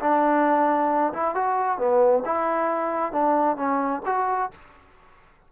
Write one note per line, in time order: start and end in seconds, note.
0.00 1.13 D4
1.13 1.35 E4
1.35 1.78 F#4
1.78 2.23 B3
2.25 3.12 E4
3.12 3.56 D4
3.56 4.02 C#4
4.05 4.51 F#4